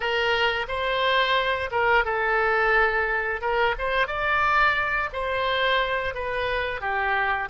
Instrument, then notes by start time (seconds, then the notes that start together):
oboe
0.00 A#4
0.68 C5
1.71 A#4
2.05 A4
3.41 A#4
3.78 C5
4.07 D5
5.12 C5
6.14 B4
6.80 G4